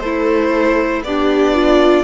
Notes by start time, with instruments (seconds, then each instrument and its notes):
0.00 cello A3, violin E4 C5, viola A4
1.02 cello B3, violin D4 D5, viola G4
1.54 viola F4